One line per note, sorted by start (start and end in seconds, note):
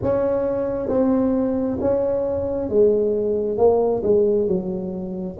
0.02 0.88 C#4
0.88 1.77 C4
1.80 2.69 C#4
2.69 3.57 G#3
3.57 4.02 A#3
4.03 4.47 G#3
4.47 5.37 F#3